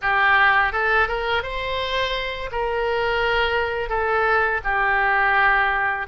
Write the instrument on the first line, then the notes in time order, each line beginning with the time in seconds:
oboe
0.01 G4
0.72 A4
1.08 A#4
1.43 C5
2.51 A#4
3.89 A4
4.64 G4